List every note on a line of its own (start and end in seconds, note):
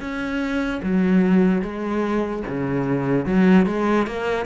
0.00 0.81 C#4
0.83 1.62 F#3
1.62 2.43 G#3
2.48 3.26 C#3
3.26 3.66 F#3
3.66 4.07 G#3
4.07 4.46 A#3